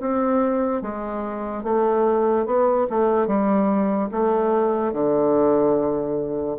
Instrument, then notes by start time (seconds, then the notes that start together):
bassoon
0.00 C4
0.81 G#3
1.63 A3
2.46 B3
2.90 A3
3.27 G3
4.11 A3
4.93 D3